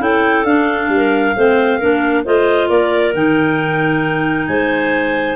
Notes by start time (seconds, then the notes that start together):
0.00 C#4 E4 A4 G5
0.45 D4 F5
0.89 G3
0.96 A#4
1.36 A3 C4 C5
1.79 A#3 D4 A#4
2.25 A3 F4 C5 D#5
2.69 A#3 A#4 D5
3.15 D#3 D#4 G5
4.47 G#3 C5 G#5